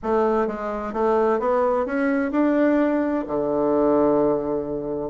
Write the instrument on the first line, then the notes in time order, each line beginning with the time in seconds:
bassoon
0.03 A3
0.47 G#3
0.93 A3
1.39 B3
1.85 C#4
2.31 D4
3.27 D3